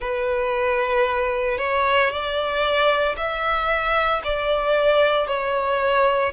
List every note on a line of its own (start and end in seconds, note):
0.00 1.57 B4
1.57 2.10 C#5
2.10 3.15 D5
3.16 4.22 E5
4.23 5.27 D5
5.27 6.32 C#5